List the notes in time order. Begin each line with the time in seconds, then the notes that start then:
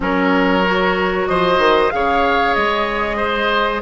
0.00 F#3 C#4 A#4 C#5
0.65 F#4
1.27 F3 C5 D#5
1.58 D#3
1.90 C#3 G#4 C#5 F5
2.54 G#3 D#5
3.16 C5